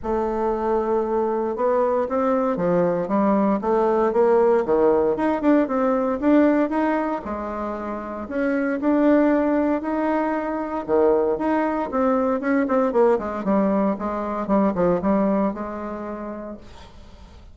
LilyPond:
\new Staff \with { instrumentName = "bassoon" } { \time 4/4 \tempo 4 = 116 a2. b4 | c'4 f4 g4 a4 | ais4 dis4 dis'8 d'8 c'4 | d'4 dis'4 gis2 |
cis'4 d'2 dis'4~ | dis'4 dis4 dis'4 c'4 | cis'8 c'8 ais8 gis8 g4 gis4 | g8 f8 g4 gis2 | }